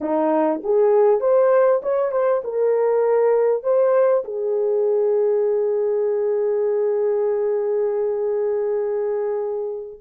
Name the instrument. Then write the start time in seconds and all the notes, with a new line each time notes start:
horn
0.01 D#4
0.63 G#4
1.20 C5
1.82 C#5
2.11 C5
2.44 A#4
3.63 C5
4.24 G#4